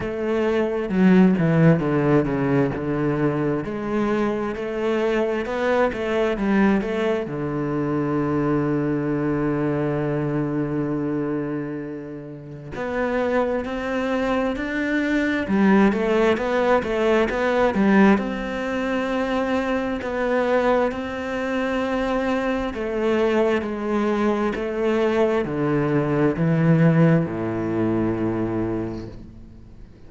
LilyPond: \new Staff \with { instrumentName = "cello" } { \time 4/4 \tempo 4 = 66 a4 fis8 e8 d8 cis8 d4 | gis4 a4 b8 a8 g8 a8 | d1~ | d2 b4 c'4 |
d'4 g8 a8 b8 a8 b8 g8 | c'2 b4 c'4~ | c'4 a4 gis4 a4 | d4 e4 a,2 | }